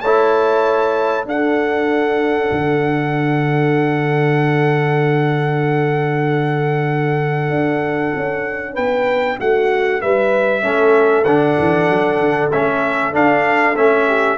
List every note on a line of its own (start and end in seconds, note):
0.00 1.25 A3
0.00 1.24 E4
0.00 1.27 C#5
0.00 1.25 A5
1.24 10.61 D4
1.24 2.50 D4
1.24 8.73 A4
1.24 8.76 F#5
2.51 7.49 D3
7.49 8.12 D4
8.15 8.77 C#4
8.73 9.39 B3
8.73 9.36 B4
8.73 9.38 G5
9.40 10.02 A3
9.40 10.01 F#4
9.40 10.01 F#5
10.01 10.64 G3
10.01 10.63 B4
10.01 11.24 E5
10.62 11.24 A3
10.62 11.25 C#4
10.62 14.07 A4
11.24 11.55 D3
11.24 12.51 D4
11.24 12.49 F#5
11.58 11.89 E3
11.89 12.18 F#3
12.18 12.50 D3
12.52 13.15 A3
12.52 13.12 C#4
12.52 13.14 E5
13.12 13.75 D4
13.12 13.76 D4
13.12 13.77 F5
13.76 14.38 A3
13.76 14.38 C#4
13.76 14.38 E5
14.07 14.38 G4